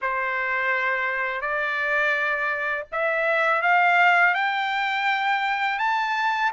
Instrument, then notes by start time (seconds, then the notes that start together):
trumpet
0.01 C5
1.41 D5
2.91 E5
3.61 F5
4.34 G5
5.78 A5